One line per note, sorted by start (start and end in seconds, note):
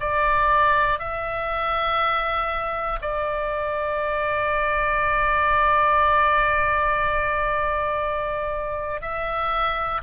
0.00 0.99 D5
0.99 2.99 E5
3.01 9.00 D5
9.00 10.00 E5